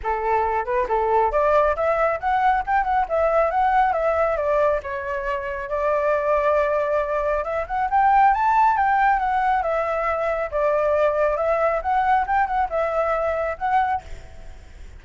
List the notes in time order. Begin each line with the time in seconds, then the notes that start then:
0.03 A4
0.65 B4
0.88 A4
1.31 D5
1.75 E5
2.20 F#5
2.66 G5
2.84 F#5
3.09 E5
3.50 F#5
3.92 E5
4.36 D5
4.83 C#5
5.69 D5
7.44 E5
7.67 F#5
7.90 G5
8.34 A5
8.77 G5
9.19 F#5
9.62 E5
10.51 D5
11.36 E5
11.82 F#5
12.26 G5
12.46 F#5
12.69 E5
13.58 F#5